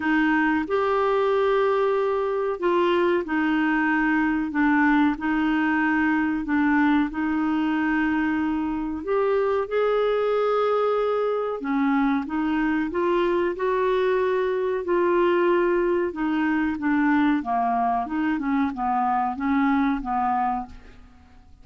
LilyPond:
\new Staff \with { instrumentName = "clarinet" } { \time 4/4 \tempo 4 = 93 dis'4 g'2. | f'4 dis'2 d'4 | dis'2 d'4 dis'4~ | dis'2 g'4 gis'4~ |
gis'2 cis'4 dis'4 | f'4 fis'2 f'4~ | f'4 dis'4 d'4 ais4 | dis'8 cis'8 b4 cis'4 b4 | }